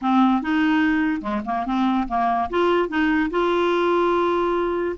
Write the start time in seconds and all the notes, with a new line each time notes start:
0.01 C4
0.41 D#4
1.21 G#3
1.45 A#3
1.66 C4
2.07 A#3
2.50 F4
2.88 D#4
3.30 F4